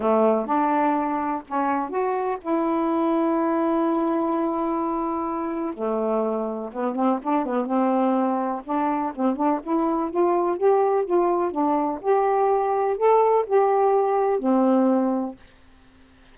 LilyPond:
\new Staff \with { instrumentName = "saxophone" } { \time 4/4 \tempo 4 = 125 a4 d'2 cis'4 | fis'4 e'2.~ | e'1 | a2 b8 c'8 d'8 b8 |
c'2 d'4 c'8 d'8 | e'4 f'4 g'4 f'4 | d'4 g'2 a'4 | g'2 c'2 | }